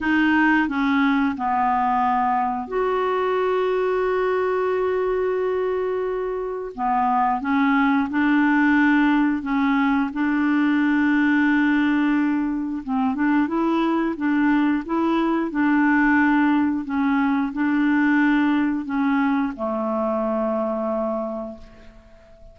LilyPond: \new Staff \with { instrumentName = "clarinet" } { \time 4/4 \tempo 4 = 89 dis'4 cis'4 b2 | fis'1~ | fis'2 b4 cis'4 | d'2 cis'4 d'4~ |
d'2. c'8 d'8 | e'4 d'4 e'4 d'4~ | d'4 cis'4 d'2 | cis'4 a2. | }